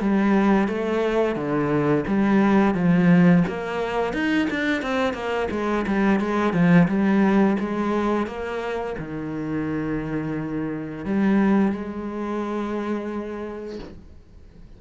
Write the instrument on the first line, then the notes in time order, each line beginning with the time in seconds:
cello
0.00 G3
0.67 A3
1.35 D3
2.07 G3
2.74 F3
3.47 A#3
4.13 D#4
4.50 D4
4.82 C4
5.13 A#3
5.51 G#3
5.87 G3
6.20 G#3
6.53 F3
6.87 G3
7.59 G#3
8.27 A#3
8.98 D#3
11.05 G3
11.72 G#3